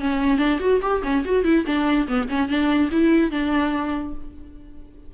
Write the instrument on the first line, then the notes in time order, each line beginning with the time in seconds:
viola
0.00 C#4
0.38 D4
0.59 F#4
0.81 G4
1.03 C#4
1.25 F#4
1.44 E4
1.66 D4
2.07 B3
2.28 C#4
2.48 D4
2.91 E4
3.31 D4